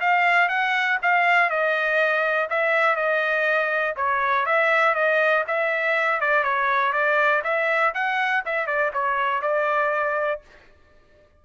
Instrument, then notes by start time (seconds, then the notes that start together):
trumpet
0.00 F5
0.49 F#5
1.02 F5
1.49 D#5
2.50 E5
2.96 D#5
3.96 C#5
4.46 E5
4.94 D#5
5.47 E5
6.21 D5
6.43 C#5
6.93 D5
7.44 E5
7.94 F#5
8.45 E5
8.66 D5
8.93 C#5
9.41 D5